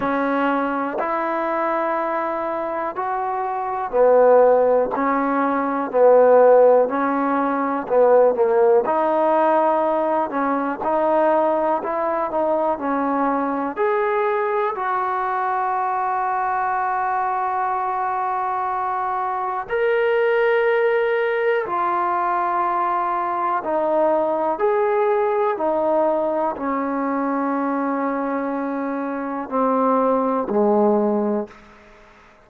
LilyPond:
\new Staff \with { instrumentName = "trombone" } { \time 4/4 \tempo 4 = 61 cis'4 e'2 fis'4 | b4 cis'4 b4 cis'4 | b8 ais8 dis'4. cis'8 dis'4 | e'8 dis'8 cis'4 gis'4 fis'4~ |
fis'1 | ais'2 f'2 | dis'4 gis'4 dis'4 cis'4~ | cis'2 c'4 gis4 | }